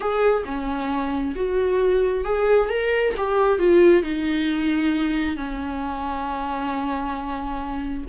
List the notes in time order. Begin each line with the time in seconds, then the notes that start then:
0.00 G#4
0.45 C#4
1.35 F#4
2.24 G#4
2.69 A#4
3.17 G4
3.58 F4
4.02 D#4
5.36 C#4